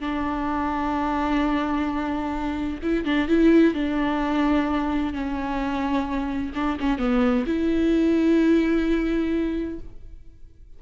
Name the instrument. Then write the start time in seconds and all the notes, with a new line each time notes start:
viola
0.00 D4
2.82 E4
3.05 D4
3.28 E4
3.74 D4
5.13 C#4
6.55 D4
6.80 C#4
6.98 B3
7.46 E4